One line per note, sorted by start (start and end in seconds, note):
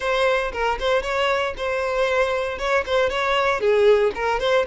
0.00 0.52 C5
0.52 0.78 A#4
0.79 1.02 C5
1.02 1.54 C#5
1.57 2.58 C5
2.58 2.84 C#5
2.86 3.09 C5
3.09 3.60 C#5
3.60 4.12 G#4
4.14 4.39 A#4
4.39 4.65 C5